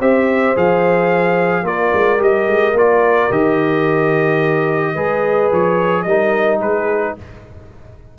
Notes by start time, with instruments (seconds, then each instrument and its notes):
0.00 tuba C4, trombone G4, horn C5, trumpet E5
0.55 tuba F3, trombone G#4, trumpet F5
1.63 tuba A#3, trombone F4, horn A#4, trumpet D5
1.93 tuba G#3
2.18 tuba G3, trombone G4, trumpet D#5
2.47 tuba G#3
2.74 tuba A#3, trombone F4, trumpet D5
3.31 tuba D#3, trombone G4, trumpet D#5
4.94 tuba G#3, trombone G#4, horn B4
5.52 tuba F3, trumpet C#5
6.03 tuba G3, trombone D#4, horn A#4, trumpet D#5
6.60 tuba G#3, horn G#4, trumpet B4